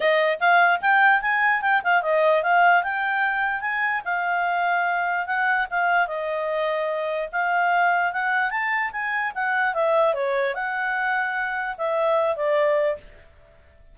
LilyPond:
\new Staff \with { instrumentName = "clarinet" } { \time 4/4 \tempo 4 = 148 dis''4 f''4 g''4 gis''4 | g''8 f''8 dis''4 f''4 g''4~ | g''4 gis''4 f''2~ | f''4 fis''4 f''4 dis''4~ |
dis''2 f''2 | fis''4 a''4 gis''4 fis''4 | e''4 cis''4 fis''2~ | fis''4 e''4. d''4. | }